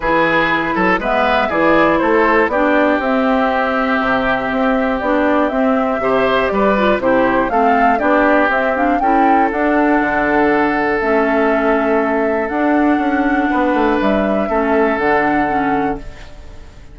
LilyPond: <<
  \new Staff \with { instrumentName = "flute" } { \time 4/4 \tempo 4 = 120 b'2 e''4 d''4 | c''4 d''4 e''2~ | e''2 d''4 e''4~ | e''4 d''4 c''4 f''4 |
d''4 e''8 f''8 g''4 fis''4~ | fis''2 e''2~ | e''4 fis''2. | e''2 fis''2 | }
  \new Staff \with { instrumentName = "oboe" } { \time 4/4 gis'4. a'8 b'4 gis'4 | a'4 g'2.~ | g'1 | c''4 b'4 g'4 a'4 |
g'2 a'2~ | a'1~ | a'2. b'4~ | b'4 a'2. | }
  \new Staff \with { instrumentName = "clarinet" } { \time 4/4 e'2 b4 e'4~ | e'4 d'4 c'2~ | c'2 d'4 c'4 | g'4. f'8 e'4 c'4 |
d'4 c'8 d'8 e'4 d'4~ | d'2 cis'2~ | cis'4 d'2.~ | d'4 cis'4 d'4 cis'4 | }
  \new Staff \with { instrumentName = "bassoon" } { \time 4/4 e4. fis8 gis4 e4 | a4 b4 c'2 | c4 c'4 b4 c'4 | c4 g4 c4 a4 |
b4 c'4 cis'4 d'4 | d2 a2~ | a4 d'4 cis'4 b8 a8 | g4 a4 d2 | }
>>